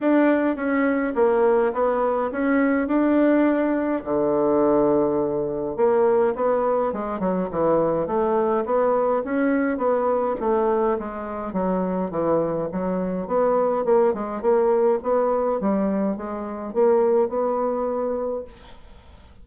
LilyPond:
\new Staff \with { instrumentName = "bassoon" } { \time 4/4 \tempo 4 = 104 d'4 cis'4 ais4 b4 | cis'4 d'2 d4~ | d2 ais4 b4 | gis8 fis8 e4 a4 b4 |
cis'4 b4 a4 gis4 | fis4 e4 fis4 b4 | ais8 gis8 ais4 b4 g4 | gis4 ais4 b2 | }